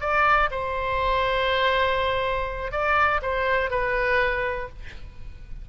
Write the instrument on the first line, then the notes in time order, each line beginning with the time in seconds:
oboe
0.00 D5
0.50 C5
2.71 D5
3.22 C5
3.70 B4